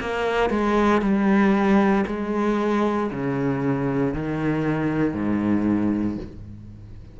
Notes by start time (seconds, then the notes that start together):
0.00 A#3
0.49 G#3
1.01 G3
2.06 G#3
3.10 C#3
4.14 D#3
5.13 G#2